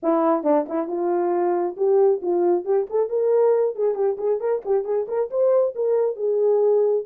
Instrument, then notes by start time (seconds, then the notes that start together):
horn
0.02 E4
0.43 D4
0.68 E4
0.87 F4
1.76 G4
2.21 F4
2.64 G4
2.90 A4
3.09 A#4
3.75 G#4
3.94 G4
4.17 G#4
4.40 A#4
4.65 G4
4.84 G#4
5.08 A#4
5.30 C5
5.75 A#4
6.16 G#4